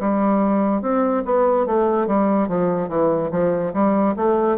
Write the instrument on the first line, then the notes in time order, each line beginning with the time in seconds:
bassoon
0.00 G3
0.82 C4
1.26 B3
1.67 A3
2.08 G3
2.49 F3
2.89 E3
3.31 F3
3.74 G3
4.17 A3